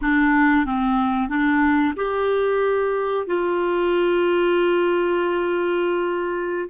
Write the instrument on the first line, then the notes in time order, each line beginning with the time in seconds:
clarinet
0.01 D4
0.65 C4
1.28 D4
1.96 G4
3.26 F4